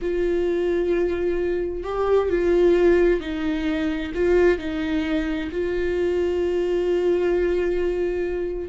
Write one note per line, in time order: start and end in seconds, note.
0.01 1.83 F4
1.83 2.29 G4
2.29 3.20 F4
3.20 4.12 D#4
4.14 4.58 F4
4.58 5.50 D#4
5.51 8.69 F4